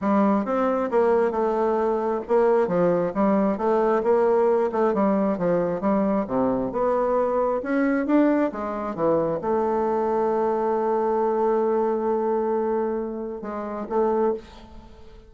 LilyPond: \new Staff \with { instrumentName = "bassoon" } { \time 4/4 \tempo 4 = 134 g4 c'4 ais4 a4~ | a4 ais4 f4 g4 | a4 ais4. a8 g4 | f4 g4 c4 b4~ |
b4 cis'4 d'4 gis4 | e4 a2.~ | a1~ | a2 gis4 a4 | }